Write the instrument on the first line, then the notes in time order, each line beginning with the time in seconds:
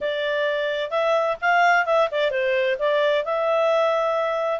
clarinet
0.00 D5
0.90 E5
1.41 F5
1.85 E5
2.11 D5
2.30 C5
2.79 D5
3.24 E5